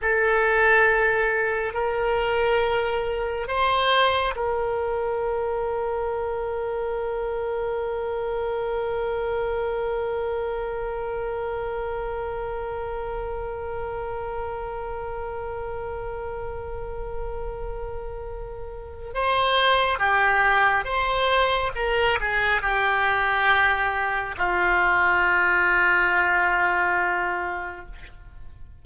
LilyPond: \new Staff \with { instrumentName = "oboe" } { \time 4/4 \tempo 4 = 69 a'2 ais'2 | c''4 ais'2.~ | ais'1~ | ais'1~ |
ais'1~ | ais'2 c''4 g'4 | c''4 ais'8 gis'8 g'2 | f'1 | }